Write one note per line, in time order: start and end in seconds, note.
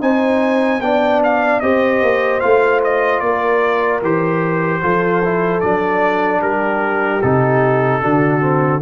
0.00 0.81 C4
0.00 0.80 D#4
0.00 0.81 C5
0.00 0.81 G#5
0.81 1.61 B3
0.81 1.62 D4
0.81 1.63 D5
0.81 1.21 G5
1.23 1.60 F5
1.60 2.01 C4
1.60 2.41 G4
1.60 3.23 C5
1.60 2.40 D#5
2.01 2.41 A#3
2.40 3.21 A3
2.40 4.01 F4
2.40 2.80 F5
2.84 3.19 D#5
3.19 4.01 A#3
3.19 4.82 A#4
3.19 3.99 D5
4.02 4.82 E3
4.02 4.82 G4
4.02 5.60 C5
4.82 5.62 F3
4.82 5.22 F4
4.82 6.41 A4
5.24 5.61 E4
5.60 6.41 F#3
5.60 7.21 D4
5.60 6.40 D5
6.41 7.21 G3
6.41 8.00 G4
6.41 7.21 A#4
7.21 8.02 C3
7.21 8.02 D#4
7.21 8.81 A4
8.00 8.82 D3
8.00 8.40 D4
8.00 8.80 F#4
8.40 8.80 C4